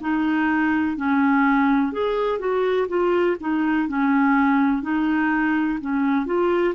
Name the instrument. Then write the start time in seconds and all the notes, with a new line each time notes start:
clarinet
0.00 D#4
0.96 C#4
1.92 G#4
2.39 F#4
2.88 F4
3.40 D#4
3.88 C#4
4.82 D#4
5.80 C#4
6.26 F4